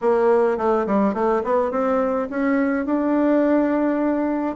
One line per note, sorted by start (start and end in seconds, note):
0.01 0.57 A#3
0.57 0.86 A3
0.86 1.14 G3
1.14 1.42 A3
1.43 1.71 B3
1.71 2.28 C4
2.29 2.85 C#4
2.85 4.56 D4